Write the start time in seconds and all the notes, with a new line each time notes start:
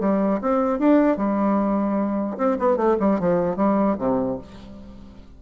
0.00 G3
0.41 C4
0.79 D4
1.17 G3
2.37 C4
2.59 B3
2.76 A3
3.00 G3
3.20 F3
3.56 G3
3.98 C3